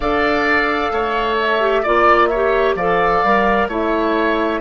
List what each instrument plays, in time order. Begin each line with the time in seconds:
0.00 bassoon D4, clarinet A4, oboe D5, flute F5
0.91 bassoon A3, oboe C#5
1.40 flute E5
1.60 clarinet G4
1.82 bassoon A#3, clarinet F4, oboe D5, flute D5
2.27 oboe C#5, flute E5
2.34 clarinet G4
2.75 bassoon F3, clarinet A4, oboe D5, flute F5
3.23 bassoon G3, clarinet A#4
3.67 bassoon A3, clarinet E4, oboe C#5, flute E5